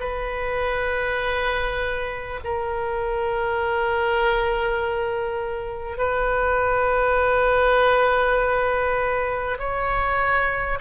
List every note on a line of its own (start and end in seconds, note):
0.00 2.40 B4
2.44 5.98 A#4
5.98 9.58 B4
9.59 10.79 C#5